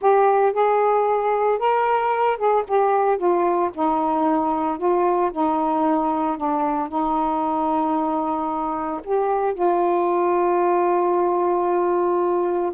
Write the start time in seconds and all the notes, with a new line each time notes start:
0.01 G4
0.52 G#4
1.58 A#4
2.37 G#4
2.67 G4
3.17 F4
3.74 D#4
4.78 F4
5.32 D#4
6.37 D4
6.88 D#4
9.04 G4
9.53 F4